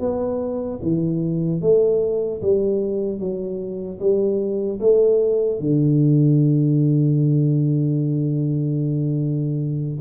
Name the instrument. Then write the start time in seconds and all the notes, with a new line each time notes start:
tuba
0.00 B3
0.83 E3
1.61 A3
2.42 G3
3.19 F#3
4.00 G3
4.80 A3
5.60 D3